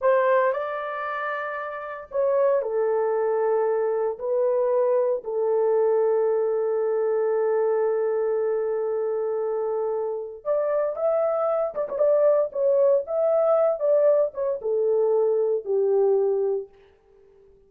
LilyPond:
\new Staff \with { instrumentName = "horn" } { \time 4/4 \tempo 4 = 115 c''4 d''2. | cis''4 a'2. | b'2 a'2~ | a'1~ |
a'1 | d''4 e''4. d''16 cis''16 d''4 | cis''4 e''4. d''4 cis''8 | a'2 g'2 | }